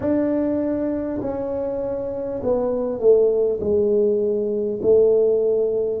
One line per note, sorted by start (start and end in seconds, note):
0.00 1.20 D4
1.21 2.41 C#4
2.43 2.99 B3
2.99 3.59 A3
3.60 4.80 G#3
4.82 6.00 A3